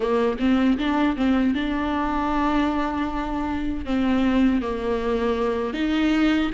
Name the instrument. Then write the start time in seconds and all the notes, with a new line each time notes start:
viola
0.00 A#3
0.39 C4
0.77 D4
1.16 C4
1.54 D4
3.85 C4
4.62 A#3
5.73 D#4